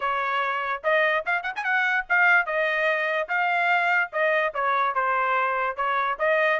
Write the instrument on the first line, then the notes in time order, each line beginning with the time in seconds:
trumpet
0.00 C#5
0.83 D#5
1.25 F5
1.42 F#5
1.55 G#5
1.64 F#5
2.09 F5
2.46 D#5
3.28 F5
4.12 D#5
4.53 C#5
4.94 C5
5.76 C#5
6.18 D#5